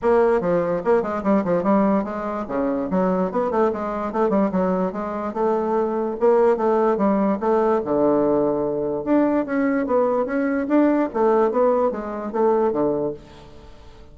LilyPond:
\new Staff \with { instrumentName = "bassoon" } { \time 4/4 \tempo 4 = 146 ais4 f4 ais8 gis8 g8 f8 | g4 gis4 cis4 fis4 | b8 a8 gis4 a8 g8 fis4 | gis4 a2 ais4 |
a4 g4 a4 d4~ | d2 d'4 cis'4 | b4 cis'4 d'4 a4 | b4 gis4 a4 d4 | }